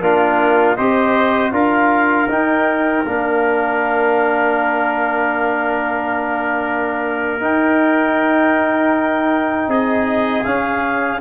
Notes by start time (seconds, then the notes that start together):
0.00 A#3 D4 F4 A#4
0.75 C4 G4 C5 D#5
1.52 D4 F4 A#4 F5
2.28 D#4 G5
3.05 A#3 D4 F5
7.40 D#4 G5
9.67 C4 G#4 D#5
10.44 C#4 F5